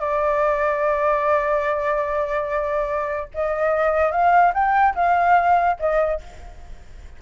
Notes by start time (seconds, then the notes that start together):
0.00 D5
3.35 D#5
4.12 F5
4.54 G5
4.95 F5
5.80 D#5